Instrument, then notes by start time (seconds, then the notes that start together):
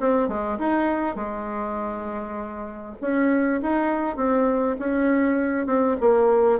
bassoon
0.00 C4
0.28 G#3
0.59 D#4
1.15 G#3
3.01 C#4
3.62 D#4
4.16 C4
4.79 C#4
5.66 C4
6.01 A#3